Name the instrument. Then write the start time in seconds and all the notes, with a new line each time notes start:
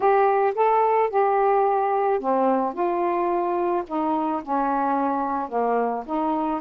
saxophone
0.00 G4
0.54 A4
1.09 G4
2.19 C4
2.73 F4
3.87 D#4
4.42 C#4
5.48 A#3
6.06 D#4